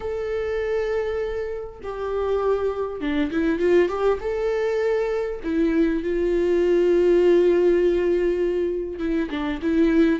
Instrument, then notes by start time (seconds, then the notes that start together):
viola
0.00 A4
1.83 G4
3.00 D4
3.31 E4
3.59 F4
3.88 G4
4.20 A4
5.43 E4
6.03 F4
8.99 E4
9.29 D4
9.62 E4